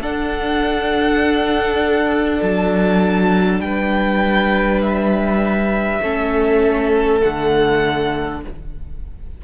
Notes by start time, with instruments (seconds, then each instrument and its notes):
0.00 cello D4, viola D4, violin A4 F#5
2.42 cello F#3, violin A5
3.60 cello G3, violin B4 G5
4.82 violin E5
6.01 cello A3, viola C#4, violin A4
7.20 cello D3, viola A3, violin F#5